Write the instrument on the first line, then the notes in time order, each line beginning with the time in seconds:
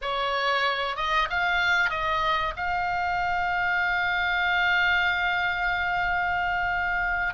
oboe
0.01 C#5
0.96 D#5
1.29 F5
1.90 D#5
2.56 F5